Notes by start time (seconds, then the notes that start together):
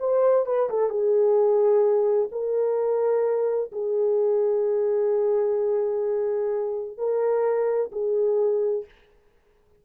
0.00 C5
0.47 B4
0.70 A4
0.90 G#4
2.32 A#4
3.72 G#4
6.98 A#4
7.93 G#4